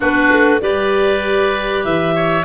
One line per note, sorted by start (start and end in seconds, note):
0.00 0.31 B3
0.00 0.60 D4
0.00 0.60 F#4
0.00 0.61 B4
0.31 0.62 A3
0.60 1.84 G3
0.60 2.44 G4
0.60 2.15 B4
0.60 1.84 D5
1.84 2.44 E3
1.84 2.44 E5
2.15 2.44 C#5